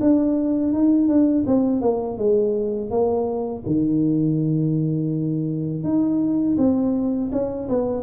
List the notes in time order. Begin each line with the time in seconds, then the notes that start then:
0.00 D4
0.73 D#4
1.08 D4
1.46 C4
1.81 A#3
2.17 G#3
2.90 A#3
3.66 D#3
5.83 D#4
6.58 C4
7.32 C#4
7.69 B3